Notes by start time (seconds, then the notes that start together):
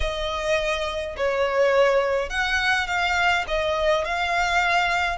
0.00 D#5
1.16 C#5
2.29 F#5
2.87 F5
3.47 D#5
4.04 F5